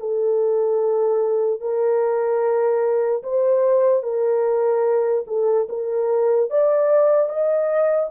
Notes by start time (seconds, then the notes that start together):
0.00 A4
1.61 A#4
3.23 C5
4.03 A#4
5.27 A4
5.69 A#4
6.50 D5
7.29 D#5